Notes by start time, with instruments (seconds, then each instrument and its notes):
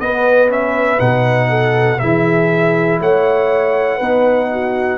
0.00 trombone B3, tuba B3, horn B4, trumpet D#5
0.49 trombone C#4, trumpet E5
0.98 tuba B2, trombone D#4, trumpet F#5
1.49 horn A4
1.99 tuba E3, trombone E4, horn G#4, trumpet E5
3.00 tuba A3, horn C#5, trumpet F#5
3.97 tuba B3, trombone D#4, horn B4
4.52 horn F#4